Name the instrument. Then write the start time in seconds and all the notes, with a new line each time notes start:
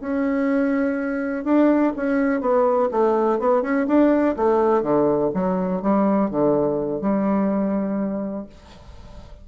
bassoon
0.00 C#4
1.44 D4
1.96 C#4
2.40 B3
2.91 A3
3.39 B3
3.62 C#4
3.87 D4
4.36 A3
4.82 D3
5.34 F#3
5.82 G3
6.30 D3
7.01 G3